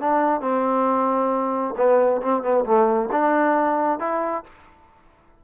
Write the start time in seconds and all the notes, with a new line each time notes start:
0.00 D4
0.41 C4
1.77 B3
2.22 C4
2.42 B3
2.65 A3
3.12 D4
3.99 E4